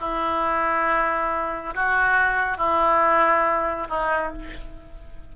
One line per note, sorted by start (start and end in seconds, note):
0.00 1.74 E4
1.75 2.57 F#4
2.57 3.88 E4
3.89 4.32 D#4